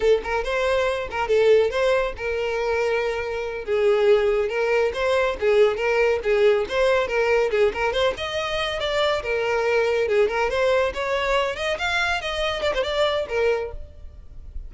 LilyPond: \new Staff \with { instrumentName = "violin" } { \time 4/4 \tempo 4 = 140 a'8 ais'8 c''4. ais'8 a'4 | c''4 ais'2.~ | ais'8 gis'2 ais'4 c''8~ | c''8 gis'4 ais'4 gis'4 c''8~ |
c''8 ais'4 gis'8 ais'8 c''8 dis''4~ | dis''8 d''4 ais'2 gis'8 | ais'8 c''4 cis''4. dis''8 f''8~ | f''8 dis''4 d''16 c''16 d''4 ais'4 | }